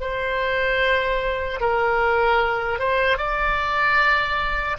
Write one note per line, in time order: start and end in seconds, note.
0.00 1.60 C5
1.60 2.79 A#4
2.79 3.17 C5
3.17 4.77 D5